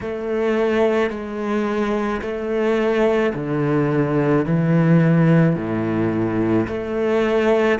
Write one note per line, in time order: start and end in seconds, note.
0.00 1.10 A3
1.10 2.21 G#3
2.21 3.32 A3
3.34 4.45 D3
4.45 5.56 E3
5.56 6.67 A2
6.67 7.78 A3